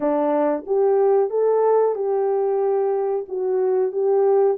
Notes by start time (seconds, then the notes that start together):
0.00 D4
0.66 G4
1.30 A4
1.95 G4
3.28 F#4
3.91 G4